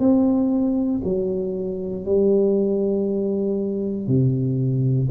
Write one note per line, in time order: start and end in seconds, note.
0.00 1.02 C4
1.04 2.06 F#3
2.06 4.08 G3
4.08 5.09 C3